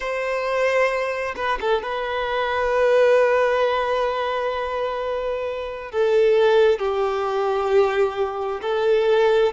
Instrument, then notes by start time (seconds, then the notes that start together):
violin
0.00 C5
1.36 B4
1.60 A4
1.82 B4
5.91 A4
6.79 G4
8.61 A4